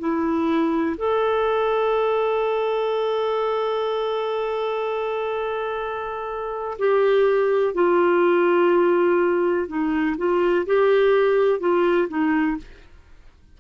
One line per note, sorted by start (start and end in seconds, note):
0.00 0.97 E4
0.98 6.78 A4
6.79 7.75 G4
7.75 9.68 F4
9.68 10.17 D#4
10.18 10.66 F4
10.67 11.60 G4
11.60 12.08 F4
12.09 12.57 D#4